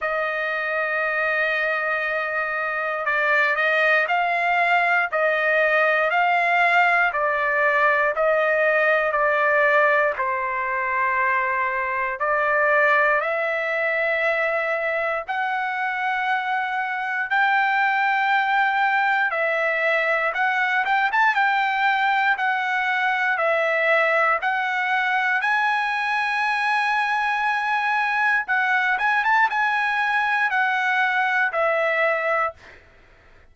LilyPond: \new Staff \with { instrumentName = "trumpet" } { \time 4/4 \tempo 4 = 59 dis''2. d''8 dis''8 | f''4 dis''4 f''4 d''4 | dis''4 d''4 c''2 | d''4 e''2 fis''4~ |
fis''4 g''2 e''4 | fis''8 g''16 a''16 g''4 fis''4 e''4 | fis''4 gis''2. | fis''8 gis''16 a''16 gis''4 fis''4 e''4 | }